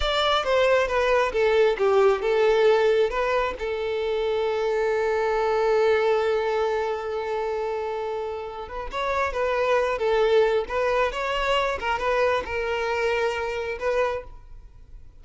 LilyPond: \new Staff \with { instrumentName = "violin" } { \time 4/4 \tempo 4 = 135 d''4 c''4 b'4 a'4 | g'4 a'2 b'4 | a'1~ | a'1~ |
a'2.~ a'8 b'8 | cis''4 b'4. a'4. | b'4 cis''4. ais'8 b'4 | ais'2. b'4 | }